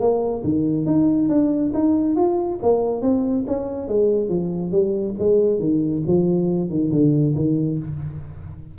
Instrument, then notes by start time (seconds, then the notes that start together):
tuba
0.00 A#3
0.44 D#3
0.86 D#4
1.29 D4
1.74 D#4
2.16 F4
2.63 A#3
3.02 C4
3.47 C#4
3.88 G#3
4.29 F3
4.72 G3
5.19 G#3
5.60 D#3
6.07 F3
6.70 D#3
6.92 D3
7.36 D#3